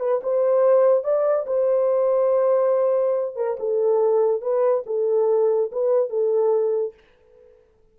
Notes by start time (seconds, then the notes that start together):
0.00 B4
0.23 C5
1.04 D5
1.47 C5
3.36 A#4
3.59 A4
4.41 B4
4.86 A4
5.72 B4
6.09 A4